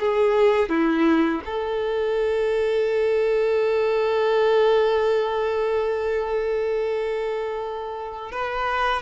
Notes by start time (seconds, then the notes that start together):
0.00 G#4
0.69 E4
1.45 A4
8.32 B4